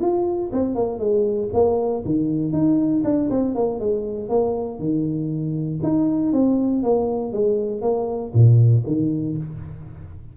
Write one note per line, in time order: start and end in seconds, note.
0.00 0.50 F4
0.52 0.75 C4
0.75 0.99 A#3
0.99 1.49 G#3
1.53 2.04 A#3
2.05 2.52 D#3
2.52 3.03 D#4
3.04 3.29 D4
3.30 3.55 C4
3.55 3.80 A#3
3.80 4.29 G#3
4.29 4.79 A#3
4.79 5.80 D#3
5.83 6.32 D#4
6.32 6.83 C4
6.83 7.32 A#3
7.32 7.81 G#3
7.81 8.32 A#3
8.34 8.84 A#2
8.86 9.37 D#3